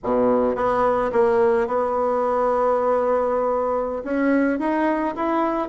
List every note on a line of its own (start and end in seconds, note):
0.03 0.55 B2
0.55 1.11 B3
1.12 1.67 A#3
1.67 4.03 B3
4.04 4.59 C#4
4.59 5.14 D#4
5.15 5.68 E4